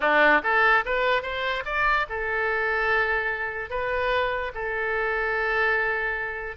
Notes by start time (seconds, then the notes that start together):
0.00 D4
0.43 A4
0.85 B4
1.22 C5
1.65 D5
2.09 A4
3.69 B4
4.54 A4